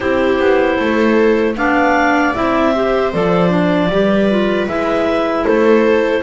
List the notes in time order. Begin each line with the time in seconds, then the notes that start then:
0.00 C4 E4 G4 C5
0.39 B3
0.76 A3 A4
1.56 B3 D4 D5 F5
2.34 C4 E4 E5
2.72 G4 C5
3.12 F3 A4 D5
3.49 D4
3.89 G3 G4 B4
4.30 F4
4.67 G#3 E4 E5
5.44 A3 A4 C5